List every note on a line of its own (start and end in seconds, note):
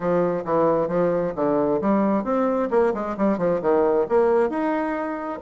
0.00 0.43 F3
0.44 0.88 E3
0.88 1.33 F3
1.35 1.80 D3
1.81 2.24 G3
2.24 2.69 C4
2.70 2.93 A#3
2.94 3.16 G#3
3.17 3.38 G3
3.38 3.60 F3
3.61 4.06 D#3
4.08 4.49 A#3
4.49 5.39 D#4